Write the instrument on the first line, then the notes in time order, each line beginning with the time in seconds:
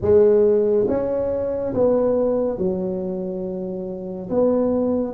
tuba
0.01 G#3
0.88 C#4
1.74 B3
2.58 F#3
4.29 B3